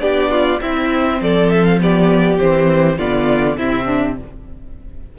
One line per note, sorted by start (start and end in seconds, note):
0.00 0.60 B3
0.00 0.59 D4
0.00 0.31 G4
0.00 0.60 D5
0.31 0.61 F4
0.61 1.20 C4
0.61 1.80 C4
0.61 1.21 E4
0.61 1.21 E5
1.21 2.39 F3
1.21 1.82 A4
1.21 1.50 D5
1.50 1.64 E5
1.64 1.79 F5
1.80 2.39 B3
1.80 2.98 G4
1.80 2.39 D5
2.39 2.99 E3
2.39 2.98 C4
2.39 2.98 C5
2.98 3.58 D3
2.98 3.58 B3
2.98 3.57 F4
2.98 3.58 D5
3.58 4.19 C3
3.58 4.17 C4
3.58 3.85 E4
3.58 4.17 E5
3.85 4.15 D4